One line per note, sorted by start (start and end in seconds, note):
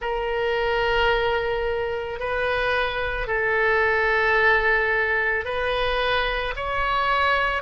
0.01 2.19 A#4
2.19 3.27 B4
3.27 5.44 A4
5.44 6.54 B4
6.56 7.62 C#5